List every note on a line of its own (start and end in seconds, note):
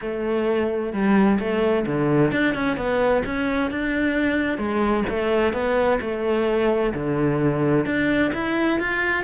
0.01 0.92 A3
0.92 1.38 G3
1.39 1.85 A3
1.86 2.31 D3
2.31 2.54 D4
2.54 2.77 C#4
2.77 3.23 B3
3.25 3.70 C#4
3.70 4.58 D4
4.58 5.04 G#3
5.09 5.53 A3
5.53 5.99 B3
6.00 6.93 A3
6.94 7.85 D3
7.85 8.32 D4
8.34 8.79 E4
8.79 9.23 F4